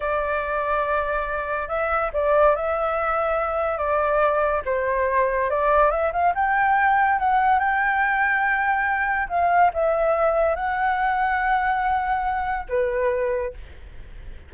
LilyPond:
\new Staff \with { instrumentName = "flute" } { \time 4/4 \tempo 4 = 142 d''1 | e''4 d''4 e''2~ | e''4 d''2 c''4~ | c''4 d''4 e''8 f''8 g''4~ |
g''4 fis''4 g''2~ | g''2 f''4 e''4~ | e''4 fis''2.~ | fis''2 b'2 | }